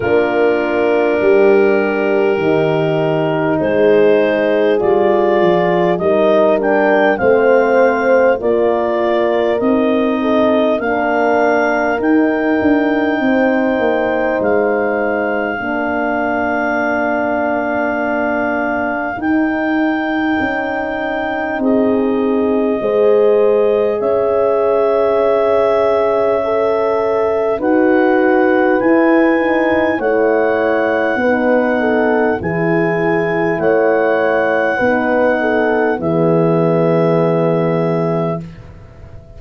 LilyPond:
<<
  \new Staff \with { instrumentName = "clarinet" } { \time 4/4 \tempo 4 = 50 ais'2. c''4 | d''4 dis''8 g''8 f''4 d''4 | dis''4 f''4 g''2 | f''1 |
g''2 dis''2 | e''2. fis''4 | gis''4 fis''2 gis''4 | fis''2 e''2 | }
  \new Staff \with { instrumentName = "horn" } { \time 4/4 f'4 g'2 gis'4~ | gis'4 ais'4 c''4 ais'4~ | ais'8 a'8 ais'2 c''4~ | c''4 ais'2.~ |
ais'2 gis'4 c''4 | cis''2. b'4~ | b'4 cis''4 b'8 a'8 gis'4 | cis''4 b'8 a'8 gis'2 | }
  \new Staff \with { instrumentName = "horn" } { \time 4/4 d'2 dis'2 | f'4 dis'8 d'8 c'4 f'4 | dis'4 d'4 dis'2~ | dis'4 d'2. |
dis'2. gis'4~ | gis'2 a'4 fis'4 | e'8 dis'8 e'4 dis'4 e'4~ | e'4 dis'4 b2 | }
  \new Staff \with { instrumentName = "tuba" } { \time 4/4 ais4 g4 dis4 gis4 | g8 f8 g4 a4 ais4 | c'4 ais4 dis'8 d'8 c'8 ais8 | gis4 ais2. |
dis'4 cis'4 c'4 gis4 | cis'2. dis'4 | e'4 a4 b4 e4 | a4 b4 e2 | }
>>